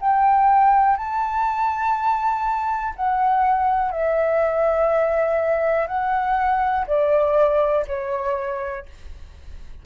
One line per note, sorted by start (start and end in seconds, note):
0.00 0.97 G5
0.97 2.94 A5
2.96 3.91 F#5
3.91 5.87 E5
5.87 6.85 F#5
6.87 7.85 D5
7.87 8.86 C#5